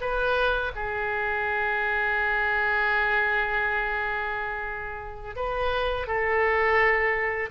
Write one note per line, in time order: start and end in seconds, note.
0.00 0.71 B4
0.75 5.36 G#4
5.36 6.07 B4
6.07 7.50 A4